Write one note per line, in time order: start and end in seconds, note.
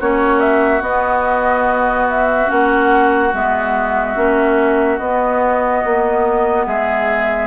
0.00 0.82 A#3
0.00 0.81 C#4
0.00 6.67 F#4
0.00 0.40 C#5
0.40 0.82 E5
0.81 2.47 B3
0.81 2.48 B3
0.81 2.07 D#5
2.10 2.50 E5
2.47 3.34 A#3
2.47 3.30 C#4
2.47 3.33 F#5
3.34 4.16 G#3
3.34 4.16 B3
3.34 4.99 E5
4.16 4.99 A#3
4.16 4.99 C#4
4.99 5.82 B3
4.99 7.48 B3
4.99 6.65 D#5
5.85 6.67 A#3
6.66 7.48 G#3
6.66 7.48 G#4
6.66 7.48 E5